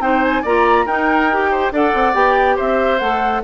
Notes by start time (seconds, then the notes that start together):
0.00 C4 D#4 C5 G5
0.23 G#5
0.43 A#3 F4 D5 A#5
0.86 D#4 A#4 G5
1.32 G4
1.52 C5
1.72 D4 A4 D5 F#5
1.94 C4
2.14 B3 G4 G5
2.56 C4 C5 E5
2.99 A3 A4 F#5